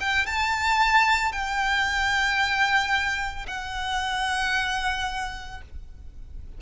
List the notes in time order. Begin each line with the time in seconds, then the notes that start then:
0.00 G5
0.26 A5
1.31 G5
3.47 F#5